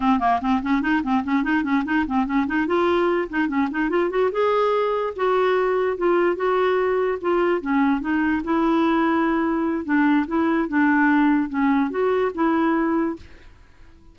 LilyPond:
\new Staff \with { instrumentName = "clarinet" } { \time 4/4 \tempo 4 = 146 c'8 ais8 c'8 cis'8 dis'8 c'8 cis'8 dis'8 | cis'8 dis'8 c'8 cis'8 dis'8 f'4. | dis'8 cis'8 dis'8 f'8 fis'8 gis'4.~ | gis'8 fis'2 f'4 fis'8~ |
fis'4. f'4 cis'4 dis'8~ | dis'8 e'2.~ e'8 | d'4 e'4 d'2 | cis'4 fis'4 e'2 | }